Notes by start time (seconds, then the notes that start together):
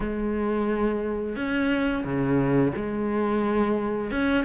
0.00 G#3
1.35 C#4
2.04 C#3
2.76 G#3
4.10 C#4